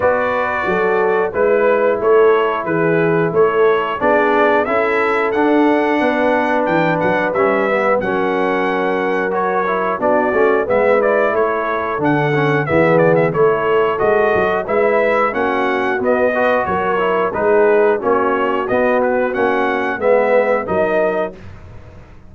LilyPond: <<
  \new Staff \with { instrumentName = "trumpet" } { \time 4/4 \tempo 4 = 90 d''2 b'4 cis''4 | b'4 cis''4 d''4 e''4 | fis''2 g''8 fis''8 e''4 | fis''2 cis''4 d''4 |
e''8 d''8 cis''4 fis''4 e''8 d''16 e''16 | cis''4 dis''4 e''4 fis''4 | dis''4 cis''4 b'4 cis''4 | dis''8 b'8 fis''4 e''4 dis''4 | }
  \new Staff \with { instrumentName = "horn" } { \time 4/4 b'4 a'4 b'4 a'4 | gis'4 a'4 gis'4 a'4~ | a'4 b'2. | ais'2. fis'4 |
b'4 a'2 gis'4 | a'2 b'4 fis'4~ | fis'8 b'8 ais'4 gis'4 fis'4~ | fis'2 b'4 ais'4 | }
  \new Staff \with { instrumentName = "trombone" } { \time 4/4 fis'2 e'2~ | e'2 d'4 e'4 | d'2. cis'8 b8 | cis'2 fis'8 e'8 d'8 cis'8 |
b8 e'4. d'8 cis'8 b4 | e'4 fis'4 e'4 cis'4 | b8 fis'4 e'8 dis'4 cis'4 | b4 cis'4 b4 dis'4 | }
  \new Staff \with { instrumentName = "tuba" } { \time 4/4 b4 fis4 gis4 a4 | e4 a4 b4 cis'4 | d'4 b4 e8 fis8 g4 | fis2. b8 a8 |
gis4 a4 d4 e4 | a4 gis8 fis8 gis4 ais4 | b4 fis4 gis4 ais4 | b4 ais4 gis4 fis4 | }
>>